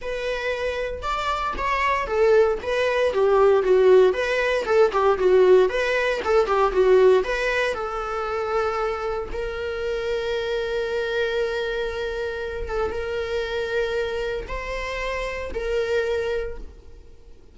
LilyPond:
\new Staff \with { instrumentName = "viola" } { \time 4/4 \tempo 4 = 116 b'2 d''4 cis''4 | a'4 b'4 g'4 fis'4 | b'4 a'8 g'8 fis'4 b'4 | a'8 g'8 fis'4 b'4 a'4~ |
a'2 ais'2~ | ais'1~ | ais'8 a'8 ais'2. | c''2 ais'2 | }